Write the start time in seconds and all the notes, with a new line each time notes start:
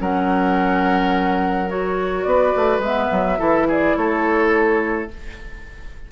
0.00 F#3 C#4 A#4 F#5
1.68 F#4 C#5
2.23 B3 B4 D5
2.56 A3
2.79 G#3 B3 E5
3.11 F#3
3.38 E3 E4 A4
3.67 G#4 D5
3.96 A3 A4 C#5